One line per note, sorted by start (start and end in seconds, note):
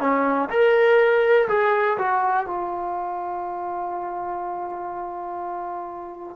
0.00 0.49 C#4
0.50 1.48 A#4
1.48 1.98 G#4
1.98 2.46 F#4
2.46 6.36 F4